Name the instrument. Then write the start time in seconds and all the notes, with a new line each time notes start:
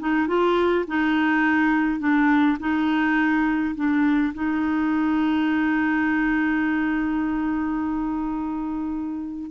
clarinet
0.00 D#4
0.28 F4
0.88 D#4
2.00 D4
2.60 D#4
3.76 D4
4.34 D#4